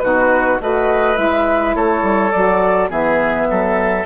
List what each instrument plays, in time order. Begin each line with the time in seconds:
0.00 bassoon B2, saxophone D#4, oboe F#4, flute B4
0.61 bassoon A3, saxophone F#4, oboe B4, flute D#5
1.15 bassoon G#3, saxophone E4, flute E5
1.75 bassoon A3, oboe A4, flute C#5
2.03 bassoon G3
2.32 bassoon F#3, saxophone F#4, flute D5
2.90 bassoon E3, saxophone B3, oboe G#4, flute E5
3.50 bassoon F#3, oboe A4